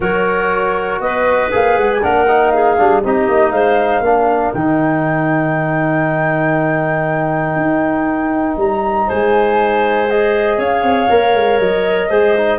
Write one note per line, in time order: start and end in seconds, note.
0.00 0.99 F#3
0.00 1.51 F#4
0.00 1.01 A#4
0.00 1.00 C#5
0.99 1.49 B3
0.99 2.02 B4
0.99 1.50 D#5
1.51 1.77 A#3
1.51 2.01 G#4
1.51 1.78 F5
1.77 2.02 G#3
1.77 1.91 F#5
1.92 2.03 G#5
2.01 2.78 A#3
2.01 2.26 D4
2.01 2.53 A#4
2.01 2.50 F#5
2.28 2.77 D#4
2.50 3.03 G#4
2.50 3.00 F5
2.77 3.04 G3
2.77 3.03 D4
3.03 3.28 C4
3.03 4.04 D#4
3.03 3.52 G4
3.03 3.51 D#5
3.28 3.51 A#3
3.51 4.00 G#3
3.51 4.02 C5
3.51 4.52 F5
4.00 4.50 A#3
4.00 4.54 D4
4.00 9.07 A#4
4.54 7.56 D#3
4.54 10.09 D#4
4.54 8.57 G5
7.56 8.56 D#4
8.56 9.07 G3
8.56 9.09 A#5
9.07 10.58 G#3
9.07 10.57 C5
9.07 10.10 G#5
10.10 11.09 G#4
10.10 10.60 D#5
10.57 10.82 C#4
10.57 12.09 C#5
10.57 11.59 F5
10.82 11.07 C4
11.09 11.34 A#3
11.09 12.10 A#4
11.34 11.59 G#3
11.59 12.09 F#3
11.59 12.59 D#5
12.09 12.59 G#3
12.09 12.35 G#4
12.09 12.59 C5
12.37 12.59 D#4